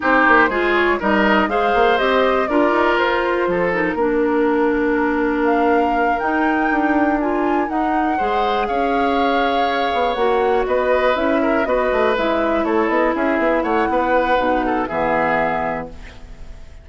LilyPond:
<<
  \new Staff \with { instrumentName = "flute" } { \time 4/4 \tempo 4 = 121 c''4. cis''8 dis''4 f''4 | dis''4 d''4 c''4. ais'8~ | ais'2. f''4~ | f''8 g''2 gis''4 fis''8~ |
fis''4. f''2~ f''8~ | f''8 fis''4 dis''4 e''4 dis''8~ | dis''8 e''4 cis''8 dis''8 e''4 fis''8~ | fis''2 e''2 | }
  \new Staff \with { instrumentName = "oboe" } { \time 4/4 g'4 gis'4 ais'4 c''4~ | c''4 ais'2 a'4 | ais'1~ | ais'1~ |
ais'8 c''4 cis''2~ cis''8~ | cis''4. b'4. ais'8 b'8~ | b'4. a'4 gis'4 cis''8 | b'4. a'8 gis'2 | }
  \new Staff \with { instrumentName = "clarinet" } { \time 4/4 dis'4 f'4 dis'4 gis'4 | g'4 f'2~ f'8 dis'8 | d'1~ | d'8 dis'2 f'4 dis'8~ |
dis'8 gis'2.~ gis'8~ | gis'8 fis'2 e'4 fis'8~ | fis'8 e'2.~ e'8~ | e'4 dis'4 b2 | }
  \new Staff \with { instrumentName = "bassoon" } { \time 4/4 c'8 ais8 gis4 g4 gis8 ais8 | c'4 d'8 dis'8 f'4 f4 | ais1~ | ais8 dis'4 d'2 dis'8~ |
dis'8 gis4 cis'2~ cis'8 | b8 ais4 b4 cis'4 b8 | a8 gis4 a8 b8 cis'8 b8 a8 | b4 b,4 e2 | }
>>